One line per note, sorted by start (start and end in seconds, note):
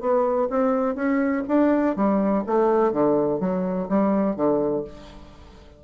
0.00 0.48 B3
0.50 0.95 C4
0.95 1.43 C#4
1.47 1.95 D4
1.95 2.43 G3
2.46 2.92 A3
2.92 3.39 D3
3.39 3.87 F#3
3.88 4.35 G3
4.35 4.83 D3